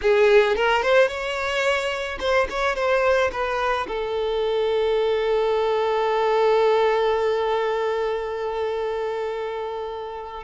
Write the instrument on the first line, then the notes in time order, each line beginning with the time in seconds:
violin
0.01 G#4
0.56 A#4
0.82 C5
1.08 C#5
2.19 C5
2.49 C#5
2.75 C5
3.32 B4
3.87 A4